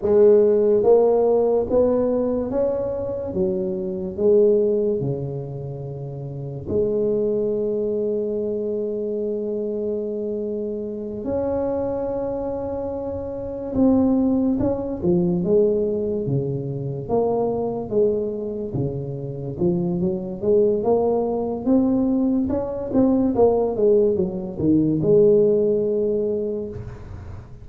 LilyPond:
\new Staff \with { instrumentName = "tuba" } { \time 4/4 \tempo 4 = 72 gis4 ais4 b4 cis'4 | fis4 gis4 cis2 | gis1~ | gis4. cis'2~ cis'8~ |
cis'8 c'4 cis'8 f8 gis4 cis8~ | cis8 ais4 gis4 cis4 f8 | fis8 gis8 ais4 c'4 cis'8 c'8 | ais8 gis8 fis8 dis8 gis2 | }